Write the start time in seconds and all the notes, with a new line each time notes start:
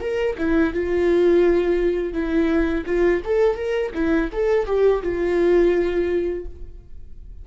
0.00 A#4
0.38 E4
0.73 F4
2.13 E4
2.86 F4
3.24 A4
3.55 A#4
3.94 E4
4.32 A4
4.66 G4
5.02 F4